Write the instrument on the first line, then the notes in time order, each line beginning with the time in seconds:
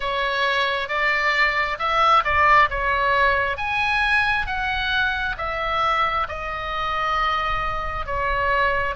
oboe
0.00 C#5
0.88 D5
1.78 E5
2.24 D5
2.69 C#5
3.57 G#5
4.46 F#5
5.37 E5
6.28 D#5
8.06 C#5